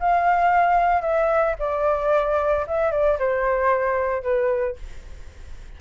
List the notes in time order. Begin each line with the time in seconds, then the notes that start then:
0.00 F5
1.02 E5
1.59 D5
2.67 E5
2.91 D5
3.19 C5
4.23 B4